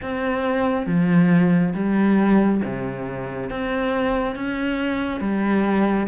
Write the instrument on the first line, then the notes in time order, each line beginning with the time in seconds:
cello
0.02 C4
0.86 F3
1.74 G3
2.64 C3
3.50 C4
4.35 C#4
5.20 G3